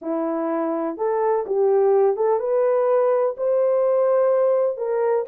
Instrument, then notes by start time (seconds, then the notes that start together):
horn
0.01 E4
0.97 A4
1.46 G4
2.16 A4
2.39 B4
3.37 C5
4.77 A#4